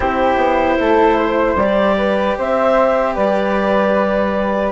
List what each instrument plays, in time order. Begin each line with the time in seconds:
0.00 bassoon C4, cello E4, flute G4, clarinet C5
0.36 bassoon B3
0.79 bassoon A3, flute A4
1.16 flute C5
1.55 bassoon G3, cello G4, clarinet D5
1.97 flute B4
2.37 bassoon C4, flute C5, clarinet E5
3.14 bassoon G3, flute B4, clarinet D5